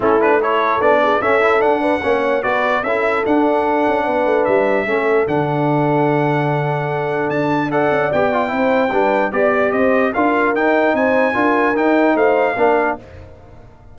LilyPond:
<<
  \new Staff \with { instrumentName = "trumpet" } { \time 4/4 \tempo 4 = 148 a'8 b'8 cis''4 d''4 e''4 | fis''2 d''4 e''4 | fis''2. e''4~ | e''4 fis''2.~ |
fis''2 a''4 fis''4 | g''2. d''4 | dis''4 f''4 g''4 gis''4~ | gis''4 g''4 f''2 | }
  \new Staff \with { instrumentName = "horn" } { \time 4/4 e'4 a'4. gis'8 a'4~ | a'8 b'8 cis''4 b'4 a'4~ | a'2 b'2 | a'1~ |
a'2. d''4~ | d''4 c''4 b'4 d''4 | c''4 ais'2 c''4 | ais'2 c''4 ais'4 | }
  \new Staff \with { instrumentName = "trombone" } { \time 4/4 cis'8 d'8 e'4 d'4 cis'8 e'8 | d'4 cis'4 fis'4 e'4 | d'1 | cis'4 d'2.~ |
d'2. a'4 | g'8 f'8 e'4 d'4 g'4~ | g'4 f'4 dis'2 | f'4 dis'2 d'4 | }
  \new Staff \with { instrumentName = "tuba" } { \time 4/4 a2 b4 cis'4 | d'4 ais4 b4 cis'4 | d'4. cis'8 b8 a8 g4 | a4 d2.~ |
d2 d'4. cis'8 | b4 c'4 g4 b4 | c'4 d'4 dis'4 c'4 | d'4 dis'4 a4 ais4 | }
>>